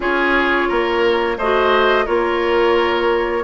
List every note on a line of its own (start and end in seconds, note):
0.00 0.68 C#4
0.00 1.37 F4
0.00 0.68 G#4
0.00 1.38 C#5
0.68 1.37 A#3
0.68 1.37 A#4
1.37 2.06 A3
1.37 2.05 F#4
1.37 2.05 C5
1.37 2.06 D#5
2.05 3.44 A#3
2.05 3.43 F4
2.05 3.43 A#4
2.05 3.44 C#5